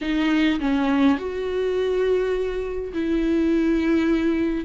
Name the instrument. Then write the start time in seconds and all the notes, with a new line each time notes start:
viola
0.01 D#4
0.60 C#4
1.18 F#4
2.93 E4